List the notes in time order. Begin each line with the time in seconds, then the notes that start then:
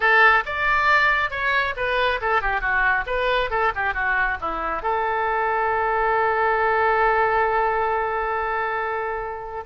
0.00 A4
0.45 D5
1.30 C#5
1.76 B4
2.21 A4
2.41 G4
2.60 F#4
3.06 B4
3.50 A4
3.75 G4
3.94 F#4
4.41 E4
4.82 A4